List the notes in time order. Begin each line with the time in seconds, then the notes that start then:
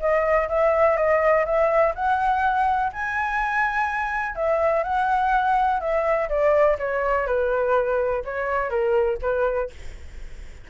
0.00 D#5
0.49 E5
0.97 D#5
1.46 E5
1.95 F#5
2.93 G#5
4.36 E5
4.84 F#5
5.80 E5
6.29 D5
6.79 C#5
7.27 B4
8.25 C#5
8.70 A#4
9.22 B4